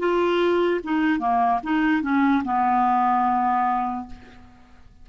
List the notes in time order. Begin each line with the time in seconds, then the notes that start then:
0.00 F4
0.84 D#4
1.20 A#3
1.64 D#4
2.03 C#4
2.45 B3